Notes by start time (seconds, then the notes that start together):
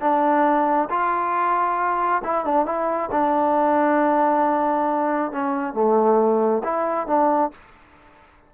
0.00 D4
0.89 F4
2.24 E4
2.45 D4
2.65 E4
3.11 D4
5.31 C#4
5.74 A3
6.63 E4
7.07 D4